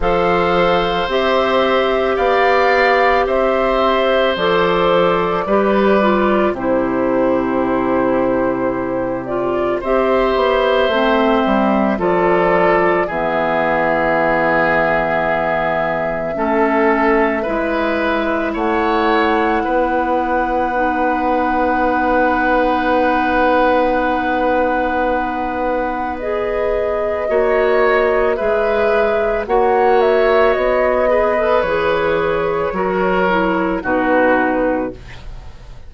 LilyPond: <<
  \new Staff \with { instrumentName = "flute" } { \time 4/4 \tempo 4 = 55 f''4 e''4 f''4 e''4 | d''2 c''2~ | c''8 d''8 e''2 d''4 | e''1~ |
e''4 fis''2.~ | fis''1 | dis''2 e''4 fis''8 e''8 | dis''4 cis''2 b'4 | }
  \new Staff \with { instrumentName = "oboe" } { \time 4/4 c''2 d''4 c''4~ | c''4 b'4 g'2~ | g'4 c''2 a'4 | gis'2. a'4 |
b'4 cis''4 b'2~ | b'1~ | b'4 cis''4 b'4 cis''4~ | cis''8 b'4. ais'4 fis'4 | }
  \new Staff \with { instrumentName = "clarinet" } { \time 4/4 a'4 g'2. | a'4 g'8 f'8 e'2~ | e'8 f'8 g'4 c'4 f'4 | b2. cis'4 |
e'2. dis'4~ | dis'1 | gis'4 fis'4 gis'4 fis'4~ | fis'8 gis'16 a'16 gis'4 fis'8 e'8 dis'4 | }
  \new Staff \with { instrumentName = "bassoon" } { \time 4/4 f4 c'4 b4 c'4 | f4 g4 c2~ | c4 c'8 b8 a8 g8 f4 | e2. a4 |
gis4 a4 b2~ | b1~ | b4 ais4 gis4 ais4 | b4 e4 fis4 b,4 | }
>>